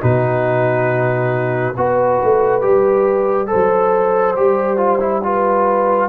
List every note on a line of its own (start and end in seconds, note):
0.00 1.77 B2
0.00 1.74 D#4
0.00 1.76 F#4
0.00 1.76 B4
1.76 2.20 B3
1.76 2.61 F#4
1.76 3.49 B4
1.76 6.09 D5
2.23 2.64 A3
2.61 3.51 G3
2.61 3.47 G4
3.47 4.34 A4
3.47 5.22 C5
3.54 4.38 F#3
4.36 6.09 G3
4.36 4.77 G4
4.77 4.99 F4
5.00 5.22 E4
5.23 6.09 F4
5.23 6.09 B4